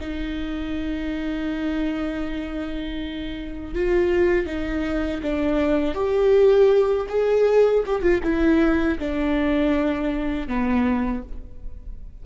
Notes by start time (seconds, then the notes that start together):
0.00 D#4
3.75 F4
4.46 D#4
5.23 D4
5.95 G4
7.09 G#4
7.86 G4
8.02 F4
8.24 E4
8.99 D4
10.48 B3